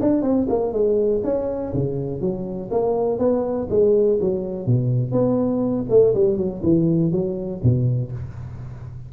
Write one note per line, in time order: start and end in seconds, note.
0.00 0.22 D4
0.22 0.46 C4
0.49 0.73 A#3
0.73 1.22 G#3
1.24 1.73 C#4
1.73 2.21 C#3
2.21 2.70 F#3
2.71 3.18 A#3
3.18 3.68 B3
3.70 4.19 G#3
4.20 4.66 F#3
4.66 5.11 B2
5.11 5.85 B3
5.89 6.14 A3
6.14 6.37 G3
6.37 6.61 F#3
6.63 7.12 E3
7.12 7.61 F#3
7.63 8.12 B2